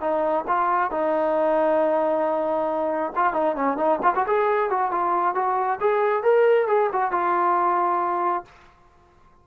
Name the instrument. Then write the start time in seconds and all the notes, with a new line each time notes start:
trombone
0.00 D#4
0.47 F4
0.91 D#4
3.15 F4
3.33 D#4
3.55 C#4
3.77 D#4
4.03 F4
4.15 F#4
4.27 G#4
4.70 F#4
4.91 F4
5.35 F#4
5.80 G#4
6.23 A#4
6.67 G#4
6.92 F#4
7.11 F4